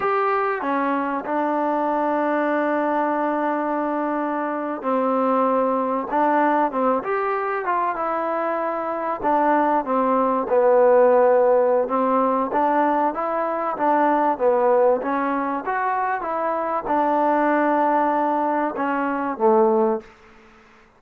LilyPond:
\new Staff \with { instrumentName = "trombone" } { \time 4/4 \tempo 4 = 96 g'4 cis'4 d'2~ | d'2.~ d'8. c'16~ | c'4.~ c'16 d'4 c'8 g'8.~ | g'16 f'8 e'2 d'4 c'16~ |
c'8. b2~ b16 c'4 | d'4 e'4 d'4 b4 | cis'4 fis'4 e'4 d'4~ | d'2 cis'4 a4 | }